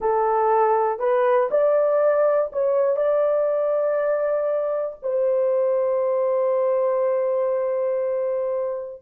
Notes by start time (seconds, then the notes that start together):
0.00 A4
0.99 B4
1.50 D5
2.52 C#5
2.96 D5
5.02 C5